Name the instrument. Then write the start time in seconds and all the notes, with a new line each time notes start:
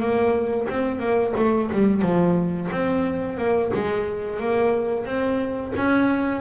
double bass
0.00 A#3
0.70 C4
1.00 A#3
1.37 A3
1.72 G3
2.02 F3
2.72 C4
3.38 A#3
3.74 G#3
4.40 A#3
5.05 C4
5.76 C#4